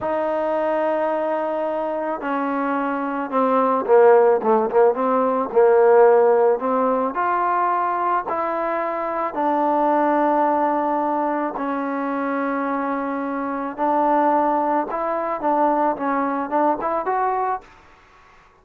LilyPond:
\new Staff \with { instrumentName = "trombone" } { \time 4/4 \tempo 4 = 109 dis'1 | cis'2 c'4 ais4 | a8 ais8 c'4 ais2 | c'4 f'2 e'4~ |
e'4 d'2.~ | d'4 cis'2.~ | cis'4 d'2 e'4 | d'4 cis'4 d'8 e'8 fis'4 | }